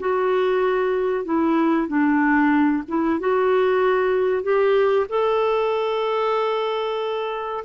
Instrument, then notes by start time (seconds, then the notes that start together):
clarinet
0.00 F#4
1.25 E4
1.88 D4
2.88 E4
3.20 F#4
4.43 G4
5.09 A4